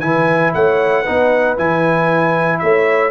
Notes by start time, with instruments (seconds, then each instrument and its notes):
0.00 tuba E3, trombone E4, horn B4, trumpet G#5
0.54 tuba A3, horn C#5, trumpet F#5
1.03 trombone D#4, horn B4
1.09 tuba B3
1.57 tuba E3, trombone E4, trumpet G#5
2.59 tuba A3, horn C#5, trumpet E5